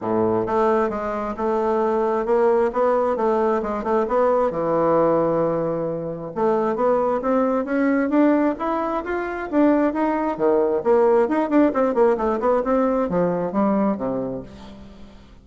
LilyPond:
\new Staff \with { instrumentName = "bassoon" } { \time 4/4 \tempo 4 = 133 a,4 a4 gis4 a4~ | a4 ais4 b4 a4 | gis8 a8 b4 e2~ | e2 a4 b4 |
c'4 cis'4 d'4 e'4 | f'4 d'4 dis'4 dis4 | ais4 dis'8 d'8 c'8 ais8 a8 b8 | c'4 f4 g4 c4 | }